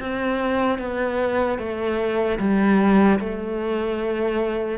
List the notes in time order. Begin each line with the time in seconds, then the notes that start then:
0.00 C4
0.79 B3
1.59 A3
2.39 G3
3.20 A3